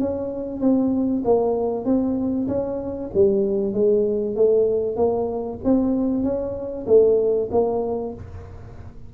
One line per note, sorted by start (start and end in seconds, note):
0.00 0.60 C#4
0.60 1.23 C4
1.25 1.85 A#3
1.85 2.48 C4
2.48 3.11 C#4
3.14 3.74 G3
3.74 4.36 G#3
4.36 4.97 A3
4.97 5.59 A#3
5.64 6.24 C4
6.24 6.86 C#4
6.87 7.49 A3
7.51 8.14 A#3